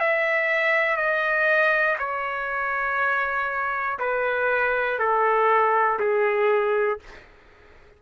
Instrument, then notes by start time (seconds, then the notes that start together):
trumpet
0.00 E5
0.97 D#5
1.99 C#5
4.00 B4
5.00 A4
6.00 G#4